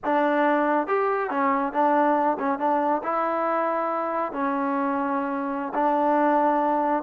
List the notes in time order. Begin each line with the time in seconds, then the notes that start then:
0.04 D4
0.87 G4
1.29 C#4
1.72 D4
2.39 C#4
2.58 D4
3.03 E4
4.32 C#4
5.74 D4